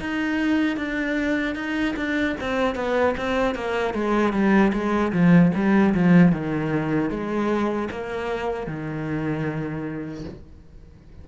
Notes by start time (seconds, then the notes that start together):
0.00 D#4
0.77 D4
1.55 D#4
1.96 D4
2.40 C4
2.75 B3
3.17 C4
3.55 A#3
3.94 G#3
4.32 G3
4.73 G#3
5.12 F3
5.55 G3
5.94 F3
6.32 D#3
7.10 G#3
7.91 A#3
8.67 D#3